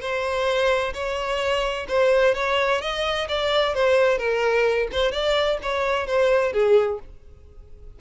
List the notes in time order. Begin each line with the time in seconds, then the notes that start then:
0.00 C5
0.93 C#5
1.88 C5
2.34 C#5
2.81 D#5
3.28 D5
3.74 C5
4.18 A#4
4.92 C5
5.11 D5
5.62 C#5
6.07 C5
6.52 G#4